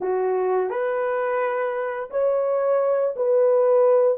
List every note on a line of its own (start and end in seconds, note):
0.00 0.70 F#4
0.70 2.09 B4
2.10 3.15 C#5
3.16 4.18 B4